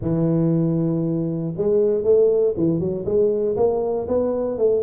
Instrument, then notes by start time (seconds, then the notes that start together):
tuba
0.01 E3
1.57 G#3
2.03 A3
2.57 E3
2.79 F#3
3.05 G#3
3.56 A#3
4.08 B3
4.58 A3